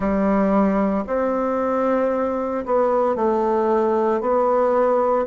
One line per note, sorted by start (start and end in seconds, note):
0.00 1.04 G3
1.06 2.64 C4
2.66 3.15 B3
3.15 4.21 A3
4.21 5.26 B3